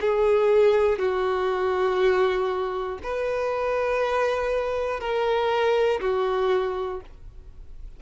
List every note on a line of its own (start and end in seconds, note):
0.00 0.99 G#4
0.99 2.99 F#4
3.03 5.00 B4
5.00 6.00 A#4
6.00 7.00 F#4